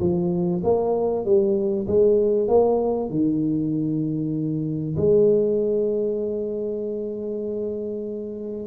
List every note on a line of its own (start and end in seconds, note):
0.00 0.62 F3
0.64 1.25 A#3
1.25 1.87 G3
1.87 2.48 G#3
2.48 3.10 A#3
3.10 4.96 D#3
4.97 8.67 G#3